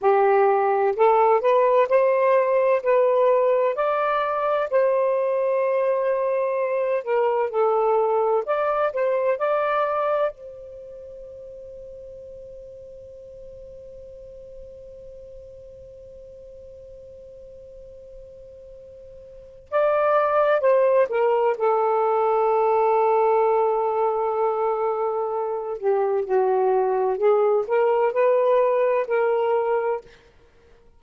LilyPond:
\new Staff \with { instrumentName = "saxophone" } { \time 4/4 \tempo 4 = 64 g'4 a'8 b'8 c''4 b'4 | d''4 c''2~ c''8 ais'8 | a'4 d''8 c''8 d''4 c''4~ | c''1~ |
c''1~ | c''4 d''4 c''8 ais'8 a'4~ | a'2.~ a'8 g'8 | fis'4 gis'8 ais'8 b'4 ais'4 | }